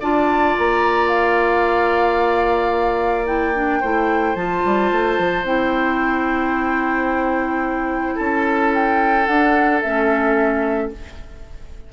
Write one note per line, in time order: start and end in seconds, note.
0.00 0.56 D4
0.00 3.27 F4
0.00 3.81 D5
0.00 0.57 A5
0.59 3.83 A#3
0.59 1.09 A#5
1.09 3.27 F5
3.27 3.54 E4
3.27 4.36 G5
3.54 3.82 D4
3.81 4.35 A3
3.81 4.36 E4
3.81 8.16 C5
4.35 4.62 F3
4.35 5.45 F4
4.35 5.45 A5
4.65 4.92 G3
4.92 5.19 A3
5.19 5.44 F3
5.44 8.17 C4
5.44 9.27 E4
5.44 8.18 G5
8.16 9.28 C#4
8.16 10.88 A4
8.16 8.72 A5
8.75 9.26 G5
9.26 9.83 D4
9.26 9.84 D4
9.26 9.81 F#5
9.81 10.93 A3
9.81 10.93 C#4
9.81 10.90 E5